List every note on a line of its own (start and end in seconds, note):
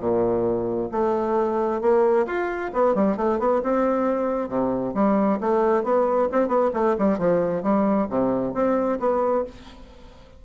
0.00 0.90 A#2
0.91 1.81 A3
1.81 2.26 A#3
2.27 2.71 F4
2.73 2.95 B3
2.95 3.16 G3
3.16 3.39 A3
3.39 3.62 B3
3.63 4.49 C4
4.49 4.93 C3
4.94 5.39 G3
5.40 5.84 A3
5.84 6.28 B3
6.32 6.48 C4
6.48 6.70 B3
6.74 6.96 A3
6.99 7.18 G3
7.18 7.63 F3
7.63 8.07 G3
8.10 8.54 C3
8.54 8.99 C4
9.00 9.44 B3